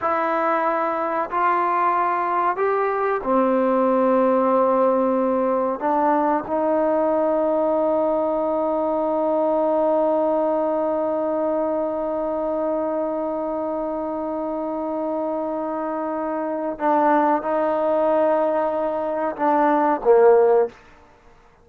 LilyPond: \new Staff \with { instrumentName = "trombone" } { \time 4/4 \tempo 4 = 93 e'2 f'2 | g'4 c'2.~ | c'4 d'4 dis'2~ | dis'1~ |
dis'1~ | dis'1~ | dis'2 d'4 dis'4~ | dis'2 d'4 ais4 | }